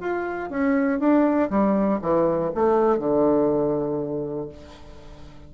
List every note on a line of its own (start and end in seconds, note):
0.00 0.50 F4
0.50 1.00 C#4
1.00 1.50 D4
1.50 2.00 G3
2.01 2.51 E3
2.55 2.99 A3
2.99 4.49 D3